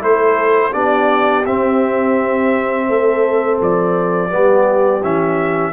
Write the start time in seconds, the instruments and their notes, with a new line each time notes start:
0.00 tuba A3, trombone E4, horn A4, trumpet C5
0.72 tuba B3, trombone D4, horn G4, trumpet D5
1.46 tuba C4, trombone C4, trumpet E5
2.88 tuba A3, horn A4
3.61 tuba F3, trumpet D5
4.30 tuba G3, trombone B3, horn G4
5.03 tuba E3, trombone C#4, trumpet E5